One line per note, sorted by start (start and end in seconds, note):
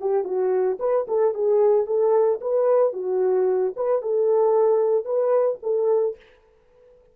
0.00 0.24 G4
0.24 0.78 F#4
0.79 1.06 B4
1.08 1.34 A4
1.34 1.86 G#4
1.86 2.40 A4
2.41 2.93 B4
2.93 3.73 F#4
3.76 4.02 B4
4.02 5.05 A4
5.05 5.59 B4
5.62 6.16 A4